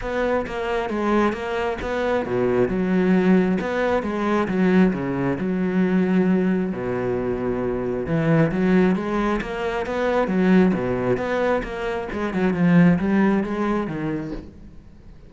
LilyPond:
\new Staff \with { instrumentName = "cello" } { \time 4/4 \tempo 4 = 134 b4 ais4 gis4 ais4 | b4 b,4 fis2 | b4 gis4 fis4 cis4 | fis2. b,4~ |
b,2 e4 fis4 | gis4 ais4 b4 fis4 | b,4 b4 ais4 gis8 fis8 | f4 g4 gis4 dis4 | }